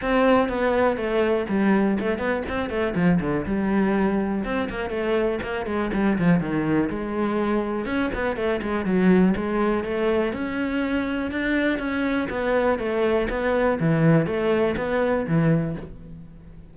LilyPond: \new Staff \with { instrumentName = "cello" } { \time 4/4 \tempo 4 = 122 c'4 b4 a4 g4 | a8 b8 c'8 a8 f8 d8 g4~ | g4 c'8 ais8 a4 ais8 gis8 | g8 f8 dis4 gis2 |
cis'8 b8 a8 gis8 fis4 gis4 | a4 cis'2 d'4 | cis'4 b4 a4 b4 | e4 a4 b4 e4 | }